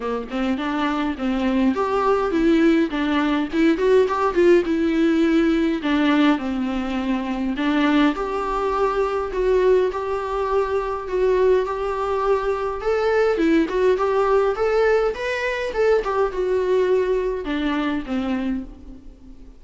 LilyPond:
\new Staff \with { instrumentName = "viola" } { \time 4/4 \tempo 4 = 103 ais8 c'8 d'4 c'4 g'4 | e'4 d'4 e'8 fis'8 g'8 f'8 | e'2 d'4 c'4~ | c'4 d'4 g'2 |
fis'4 g'2 fis'4 | g'2 a'4 e'8 fis'8 | g'4 a'4 b'4 a'8 g'8 | fis'2 d'4 c'4 | }